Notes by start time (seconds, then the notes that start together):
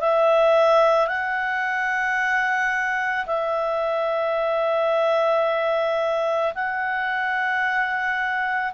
0.00 E5
1.07 F#5
3.26 E5
6.54 F#5